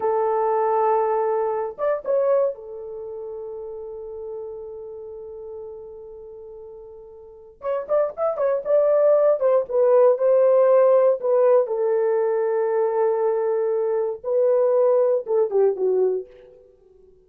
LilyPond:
\new Staff \with { instrumentName = "horn" } { \time 4/4 \tempo 4 = 118 a'2.~ a'8 d''8 | cis''4 a'2.~ | a'1~ | a'2. cis''8 d''8 |
e''8 cis''8 d''4. c''8 b'4 | c''2 b'4 a'4~ | a'1 | b'2 a'8 g'8 fis'4 | }